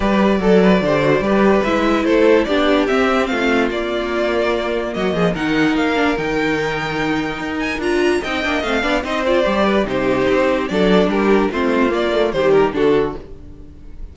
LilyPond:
<<
  \new Staff \with { instrumentName = "violin" } { \time 4/4 \tempo 4 = 146 d''1 | e''4 c''4 d''4 e''4 | f''4 d''2. | dis''4 fis''4 f''4 g''4~ |
g''2~ g''8 gis''8 ais''4 | g''4 f''4 dis''8 d''4. | c''2 d''4 ais'4 | c''4 d''4 c''8 ais'8 a'4 | }
  \new Staff \with { instrumentName = "violin" } { \time 4/4 b'4 a'8 b'8 c''4 b'4~ | b'4 a'4 g'2 | f'1 | fis'8 gis'8 ais'2.~ |
ais'1 | dis''4. d''8 c''4. b'8 | g'2 a'4 g'4 | f'2 g'4 fis'4 | }
  \new Staff \with { instrumentName = "viola" } { \time 4/4 g'4 a'4 g'8 fis'8 g'4 | e'2 d'4 c'4~ | c'4 ais2.~ | ais4 dis'4. d'8 dis'4~ |
dis'2. f'4 | dis'8 d'8 c'8 d'8 dis'8 f'8 g'4 | dis'2 d'2 | c'4 ais8 a8 g4 d'4 | }
  \new Staff \with { instrumentName = "cello" } { \time 4/4 g4 fis4 d4 g4 | gis4 a4 b4 c'4 | a4 ais2. | fis8 f8 dis4 ais4 dis4~ |
dis2 dis'4 d'4 | c'8 ais8 a8 b8 c'4 g4 | c4 c'4 fis4 g4 | a4 ais4 dis4 d4 | }
>>